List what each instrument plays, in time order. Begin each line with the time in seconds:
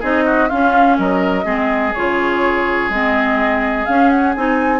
0.00 bassoon C4, clarinet D#4, oboe G#4, flute D#5
0.26 oboe F#4
0.49 clarinet C#4, bassoon C#4, oboe F4, flute F5
0.98 bassoon F#3, oboe A#4, flute D#5
1.45 bassoon G#3, clarinet C4, oboe G#4
1.94 bassoon C#3, clarinet F4, flute C#5
2.89 bassoon G#3, clarinet C4, flute D#5
3.86 clarinet C#4, bassoon C#4, flute F5
4.10 flute F#5
4.35 bassoon C4, clarinet D#4, flute G#5